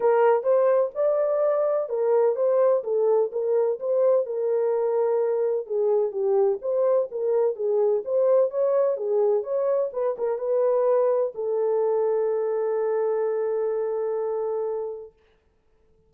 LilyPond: \new Staff \with { instrumentName = "horn" } { \time 4/4 \tempo 4 = 127 ais'4 c''4 d''2 | ais'4 c''4 a'4 ais'4 | c''4 ais'2. | gis'4 g'4 c''4 ais'4 |
gis'4 c''4 cis''4 gis'4 | cis''4 b'8 ais'8 b'2 | a'1~ | a'1 | }